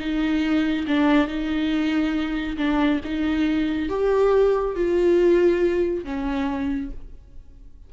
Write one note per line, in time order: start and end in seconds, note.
0.00 0.86 D#4
0.88 1.28 D4
1.28 2.57 D#4
2.58 3.01 D4
3.05 3.89 D#4
3.89 4.76 G4
4.76 6.05 F4
6.05 6.91 C#4